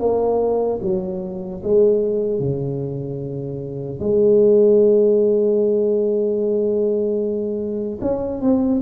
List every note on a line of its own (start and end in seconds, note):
0.00 0.80 A#3
0.82 1.62 F#3
1.63 2.40 G#3
2.40 4.00 C#3
4.00 8.00 G#3
8.01 8.41 C#4
8.41 8.81 C4